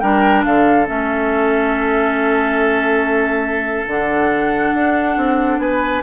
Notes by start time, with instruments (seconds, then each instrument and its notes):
0.00 bassoon G3, clarinet D4, oboe A#4, flute G5
0.45 bassoon D3, oboe A4, flute F5
0.86 bassoon A3, clarinet C#4, flute E5
3.87 bassoon D3, clarinet D4, flute F#5
4.74 bassoon D4
5.17 bassoon C4
5.59 bassoon B3, oboe B4, flute G#5